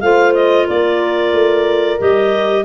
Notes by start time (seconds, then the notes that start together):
0.00 A3 F4 C5 F5
0.34 D#5
0.66 A#3 A#4 D5
1.33 A3
1.98 G3 G4 D#5